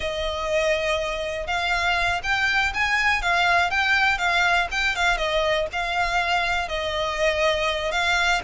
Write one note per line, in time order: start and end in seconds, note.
0.00 1.47 D#5
1.47 2.21 F5
2.23 2.72 G5
2.73 3.21 G#5
3.21 3.70 F5
3.70 4.18 G5
4.18 4.67 F5
4.71 4.95 G5
4.95 5.17 F5
5.17 5.66 D#5
5.72 6.68 F5
6.68 7.91 D#5
7.91 8.41 F5